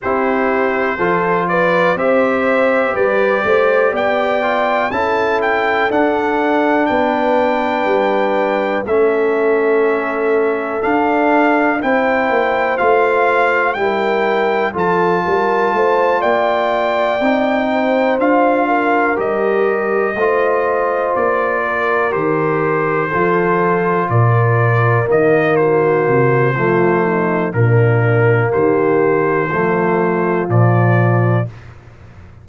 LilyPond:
<<
  \new Staff \with { instrumentName = "trumpet" } { \time 4/4 \tempo 4 = 61 c''4. d''8 e''4 d''4 | g''4 a''8 g''8 fis''4 g''4~ | g''4 e''2 f''4 | g''4 f''4 g''4 a''4~ |
a''8 g''2 f''4 dis''8~ | dis''4. d''4 c''4.~ | c''8 d''4 dis''8 c''2 | ais'4 c''2 d''4 | }
  \new Staff \with { instrumentName = "horn" } { \time 4/4 g'4 a'8 b'8 c''4 b'8 c''8 | d''4 a'2 b'4~ | b'4 a'2. | c''2 ais'4 a'8 ais'8 |
c''8 d''4. c''4 ais'4~ | ais'8 c''4. ais'4. a'8~ | a'8 ais'4. fis'4 f'8 dis'8 | d'4 g'4 f'2 | }
  \new Staff \with { instrumentName = "trombone" } { \time 4/4 e'4 f'4 g'2~ | g'8 f'8 e'4 d'2~ | d'4 cis'2 d'4 | e'4 f'4 e'4 f'4~ |
f'4. dis'4 f'4 g'8~ | g'8 f'2 g'4 f'8~ | f'4. ais4. a4 | ais2 a4 f4 | }
  \new Staff \with { instrumentName = "tuba" } { \time 4/4 c'4 f4 c'4 g8 a8 | b4 cis'4 d'4 b4 | g4 a2 d'4 | c'8 ais8 a4 g4 f8 g8 |
a8 ais4 c'4 d'4 g8~ | g8 a4 ais4 dis4 f8~ | f8 ais,4 dis4 c8 f4 | ais,4 dis4 f4 ais,4 | }
>>